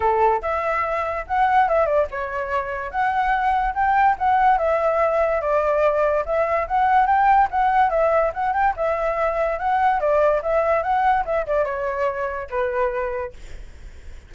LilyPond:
\new Staff \with { instrumentName = "flute" } { \time 4/4 \tempo 4 = 144 a'4 e''2 fis''4 | e''8 d''8 cis''2 fis''4~ | fis''4 g''4 fis''4 e''4~ | e''4 d''2 e''4 |
fis''4 g''4 fis''4 e''4 | fis''8 g''8 e''2 fis''4 | d''4 e''4 fis''4 e''8 d''8 | cis''2 b'2 | }